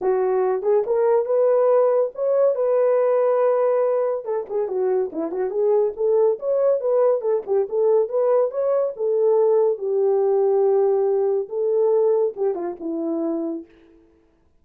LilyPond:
\new Staff \with { instrumentName = "horn" } { \time 4/4 \tempo 4 = 141 fis'4. gis'8 ais'4 b'4~ | b'4 cis''4 b'2~ | b'2 a'8 gis'8 fis'4 | e'8 fis'8 gis'4 a'4 cis''4 |
b'4 a'8 g'8 a'4 b'4 | cis''4 a'2 g'4~ | g'2. a'4~ | a'4 g'8 f'8 e'2 | }